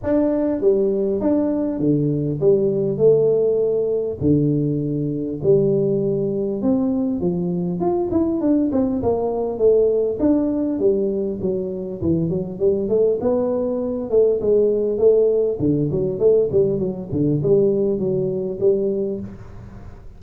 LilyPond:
\new Staff \with { instrumentName = "tuba" } { \time 4/4 \tempo 4 = 100 d'4 g4 d'4 d4 | g4 a2 d4~ | d4 g2 c'4 | f4 f'8 e'8 d'8 c'8 ais4 |
a4 d'4 g4 fis4 | e8 fis8 g8 a8 b4. a8 | gis4 a4 d8 fis8 a8 g8 | fis8 d8 g4 fis4 g4 | }